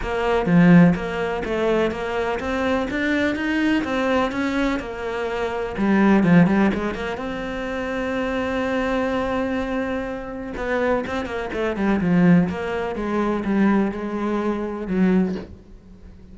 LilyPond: \new Staff \with { instrumentName = "cello" } { \time 4/4 \tempo 4 = 125 ais4 f4 ais4 a4 | ais4 c'4 d'4 dis'4 | c'4 cis'4 ais2 | g4 f8 g8 gis8 ais8 c'4~ |
c'1~ | c'2 b4 c'8 ais8 | a8 g8 f4 ais4 gis4 | g4 gis2 fis4 | }